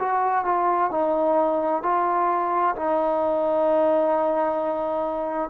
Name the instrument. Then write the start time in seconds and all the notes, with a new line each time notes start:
trombone
0.00 F#4
0.45 F4
0.91 D#4
1.83 F4
2.76 D#4